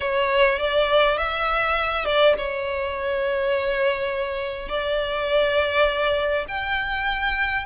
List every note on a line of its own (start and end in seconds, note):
0.00 0.58 C#5
0.59 1.17 D5
1.17 2.05 E5
2.05 2.34 D5
2.37 4.68 C#5
4.68 6.45 D5
6.47 7.65 G5